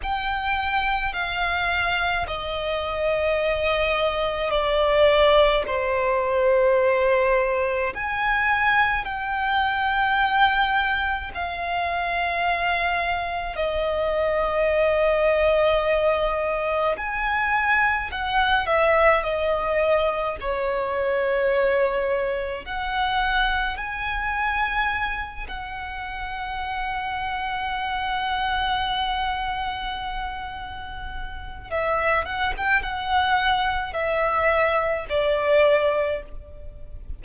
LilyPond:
\new Staff \with { instrumentName = "violin" } { \time 4/4 \tempo 4 = 53 g''4 f''4 dis''2 | d''4 c''2 gis''4 | g''2 f''2 | dis''2. gis''4 |
fis''8 e''8 dis''4 cis''2 | fis''4 gis''4. fis''4.~ | fis''1 | e''8 fis''16 g''16 fis''4 e''4 d''4 | }